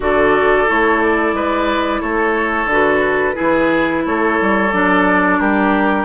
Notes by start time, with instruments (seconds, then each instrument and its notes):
0.00 bassoon D3, clarinet F#4, oboe A4, flute D5
0.67 bassoon A3, clarinet E4, flute C#5
1.01 flute D5
1.33 bassoon G#3, oboe B4
2.01 bassoon A3, oboe A4, flute C#5
2.65 bassoon D3, clarinet F#4
2.71 flute B4
3.34 clarinet E4, oboe G#4
3.40 bassoon E3
4.05 bassoon A3, oboe A4, flute C#5
4.41 bassoon G3
4.72 bassoon F#3, clarinet D4, flute D5
5.39 bassoon G3, oboe G4, flute A#4